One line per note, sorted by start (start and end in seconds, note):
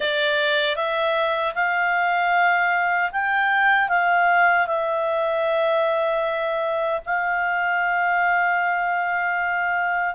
0.00 0.76 D5
0.76 1.54 E5
1.54 3.10 F5
3.12 3.89 G5
3.89 4.66 F5
4.66 7.00 E5
7.05 10.15 F5